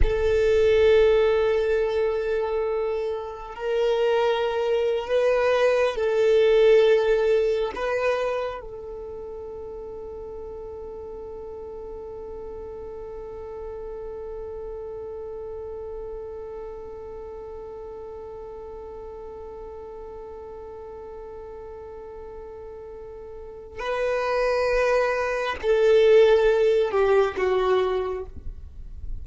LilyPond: \new Staff \with { instrumentName = "violin" } { \time 4/4 \tempo 4 = 68 a'1 | ais'4.~ ais'16 b'4 a'4~ a'16~ | a'8. b'4 a'2~ a'16~ | a'1~ |
a'1~ | a'1~ | a'2. b'4~ | b'4 a'4. g'8 fis'4 | }